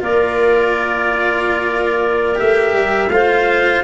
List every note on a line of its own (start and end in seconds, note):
0.00 2.39 A#3
0.00 2.35 F4
0.00 3.12 A#4
0.00 2.39 D5
2.35 2.73 A3
2.35 3.08 G4
2.35 3.10 E5
2.73 3.09 G3
3.09 3.82 A3
3.09 3.84 F4
3.09 3.84 C5
3.09 3.83 F5